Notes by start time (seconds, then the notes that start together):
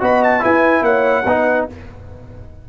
0.00 B3 F#4 D#5 B5
0.23 A5
0.40 E4 B4 G#5
0.81 A#3 C#5 F#5
1.25 B3 D#4 B4